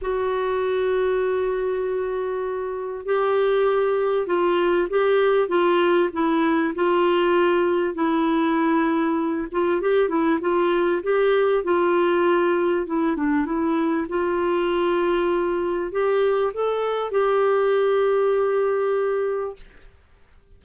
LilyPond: \new Staff \with { instrumentName = "clarinet" } { \time 4/4 \tempo 4 = 98 fis'1~ | fis'4 g'2 f'4 | g'4 f'4 e'4 f'4~ | f'4 e'2~ e'8 f'8 |
g'8 e'8 f'4 g'4 f'4~ | f'4 e'8 d'8 e'4 f'4~ | f'2 g'4 a'4 | g'1 | }